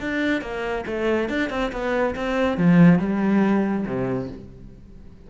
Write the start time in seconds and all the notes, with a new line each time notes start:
0.00 D4
0.41 A#3
0.86 A3
1.29 D4
1.50 C4
1.72 B3
2.15 C4
2.57 F3
2.99 G3
3.85 C3